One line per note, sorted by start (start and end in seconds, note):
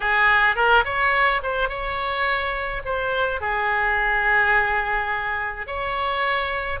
0.00 0.55 G#4
0.55 0.83 A#4
0.85 1.41 C#5
1.42 1.69 C5
1.69 2.82 C#5
2.85 3.41 C5
3.41 5.66 G#4
5.66 6.80 C#5